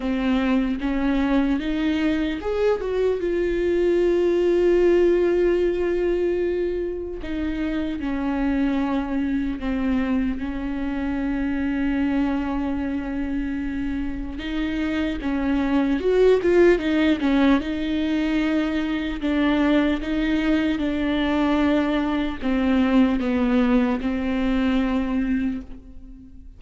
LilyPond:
\new Staff \with { instrumentName = "viola" } { \time 4/4 \tempo 4 = 75 c'4 cis'4 dis'4 gis'8 fis'8 | f'1~ | f'4 dis'4 cis'2 | c'4 cis'2.~ |
cis'2 dis'4 cis'4 | fis'8 f'8 dis'8 cis'8 dis'2 | d'4 dis'4 d'2 | c'4 b4 c'2 | }